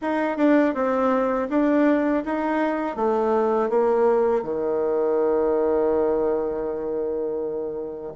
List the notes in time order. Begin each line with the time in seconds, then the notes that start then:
0.01 D#4
0.37 D4
0.74 C4
1.49 D4
2.25 D#4
2.96 A3
3.69 A#3
4.42 D#3